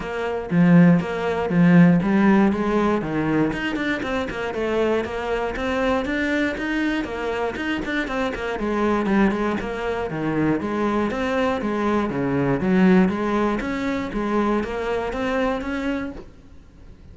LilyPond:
\new Staff \with { instrumentName = "cello" } { \time 4/4 \tempo 4 = 119 ais4 f4 ais4 f4 | g4 gis4 dis4 dis'8 d'8 | c'8 ais8 a4 ais4 c'4 | d'4 dis'4 ais4 dis'8 d'8 |
c'8 ais8 gis4 g8 gis8 ais4 | dis4 gis4 c'4 gis4 | cis4 fis4 gis4 cis'4 | gis4 ais4 c'4 cis'4 | }